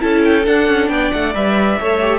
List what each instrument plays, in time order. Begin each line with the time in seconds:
0.00 cello C#4, viola E4, violin A4 A5
0.24 violin G5
0.45 viola D4, cello D4, violin F#5
0.68 cello C#4
0.89 cello B3, violin D5 G5
1.12 cello A3, violin F#5
1.35 cello G3, viola B4, violin E5
1.81 cello A3, viola A4, violin C#5
2.01 viola G4